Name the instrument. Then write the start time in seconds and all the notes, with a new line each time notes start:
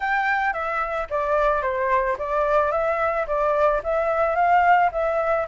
flute
0.00 G5
0.53 E5
1.10 D5
1.62 C5
2.18 D5
2.71 E5
3.27 D5
3.83 E5
4.35 F5
4.92 E5